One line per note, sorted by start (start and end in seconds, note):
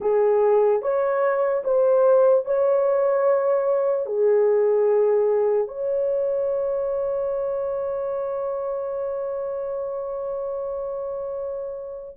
0.00 0.81 G#4
0.82 1.63 C#5
1.64 2.45 C5
2.45 4.05 C#5
4.05 5.67 G#4
5.67 12.16 C#5